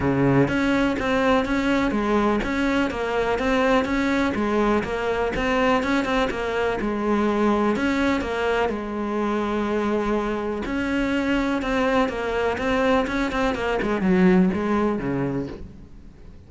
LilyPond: \new Staff \with { instrumentName = "cello" } { \time 4/4 \tempo 4 = 124 cis4 cis'4 c'4 cis'4 | gis4 cis'4 ais4 c'4 | cis'4 gis4 ais4 c'4 | cis'8 c'8 ais4 gis2 |
cis'4 ais4 gis2~ | gis2 cis'2 | c'4 ais4 c'4 cis'8 c'8 | ais8 gis8 fis4 gis4 cis4 | }